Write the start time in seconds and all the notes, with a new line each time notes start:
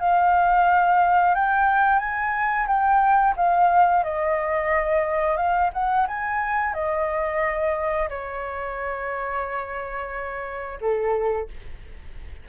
0.00 F5
1.35 G5
1.99 G#5
2.68 G5
3.37 F5
4.04 D#5
5.37 F5
5.73 F#5
6.08 G#5
6.74 D#5
8.10 C#5
10.81 A4